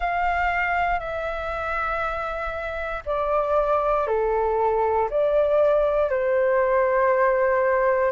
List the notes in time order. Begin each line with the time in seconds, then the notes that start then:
0.00 F5
0.99 E5
3.05 D5
4.07 A4
5.10 D5
6.10 C5